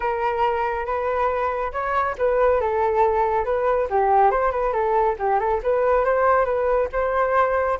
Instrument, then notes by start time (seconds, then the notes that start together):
flute
0.00 A#4
0.85 B4
1.72 C#5
2.18 B4
2.61 A4
3.44 B4
3.90 G4
4.30 C5
4.51 B4
4.72 A4
5.18 G4
5.39 A4
5.63 B4
6.04 C5
6.45 B4
6.92 C5